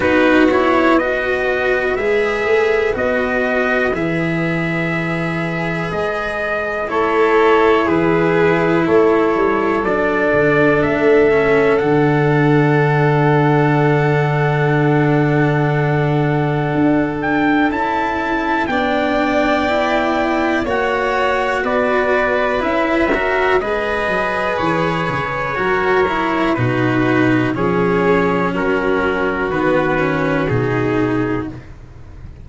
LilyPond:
<<
  \new Staff \with { instrumentName = "trumpet" } { \time 4/4 \tempo 4 = 61 b'8 cis''8 dis''4 e''4 dis''4 | e''2 dis''4 cis''4 | b'4 cis''4 d''4 e''4 | fis''1~ |
fis''4. g''8 a''4 g''4~ | g''4 fis''4 d''4 e''4 | dis''4 cis''2 b'4 | cis''4 ais'4 b'4 gis'4 | }
  \new Staff \with { instrumentName = "violin" } { \time 4/4 fis'4 b'2.~ | b'2. a'4 | gis'4 a'2.~ | a'1~ |
a'2. d''4~ | d''4 cis''4 b'4. ais'8 | b'2 ais'4 fis'4 | gis'4 fis'2. | }
  \new Staff \with { instrumentName = "cello" } { \time 4/4 dis'8 e'8 fis'4 gis'4 fis'4 | gis'2. e'4~ | e'2 d'4. cis'8 | d'1~ |
d'2 e'4 d'4 | e'4 fis'2 e'8 fis'8 | gis'2 fis'8 e'8 dis'4 | cis'2 b8 cis'8 dis'4 | }
  \new Staff \with { instrumentName = "tuba" } { \time 4/4 b2 gis8 a8 b4 | e2 gis4 a4 | e4 a8 g8 fis8 d8 a4 | d1~ |
d4 d'4 cis'4 b4~ | b4 ais4 b4 cis'4 | gis8 fis8 e8 cis8 fis4 b,4 | f4 fis4 dis4 b,4 | }
>>